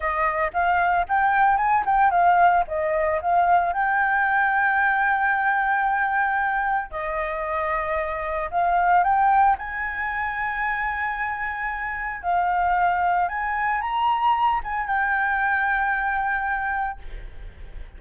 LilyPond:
\new Staff \with { instrumentName = "flute" } { \time 4/4 \tempo 4 = 113 dis''4 f''4 g''4 gis''8 g''8 | f''4 dis''4 f''4 g''4~ | g''1~ | g''4 dis''2. |
f''4 g''4 gis''2~ | gis''2. f''4~ | f''4 gis''4 ais''4. gis''8 | g''1 | }